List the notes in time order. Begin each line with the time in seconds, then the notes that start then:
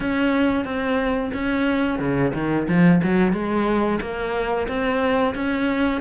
0.00 C#4
0.64 C4
1.33 C#4
1.99 C#3
2.33 D#3
2.68 F3
3.03 F#3
3.32 G#3
4.01 A#3
4.68 C4
5.35 C#4